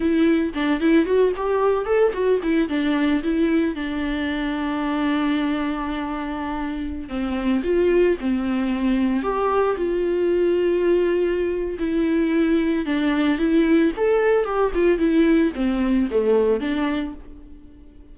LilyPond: \new Staff \with { instrumentName = "viola" } { \time 4/4 \tempo 4 = 112 e'4 d'8 e'8 fis'8 g'4 a'8 | fis'8 e'8 d'4 e'4 d'4~ | d'1~ | d'4~ d'16 c'4 f'4 c'8.~ |
c'4~ c'16 g'4 f'4.~ f'16~ | f'2 e'2 | d'4 e'4 a'4 g'8 f'8 | e'4 c'4 a4 d'4 | }